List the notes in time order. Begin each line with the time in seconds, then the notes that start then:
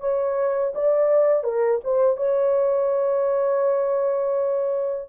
0.00 C#5
0.75 D5
1.44 A#4
1.84 C5
2.17 C#5